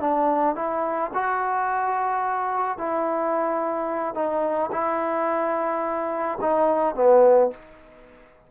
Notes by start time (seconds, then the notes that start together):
0.00 D4
0.55 E4
1.14 F#4
2.78 E4
4.14 D#4
4.72 E4
6.41 D#4
6.95 B3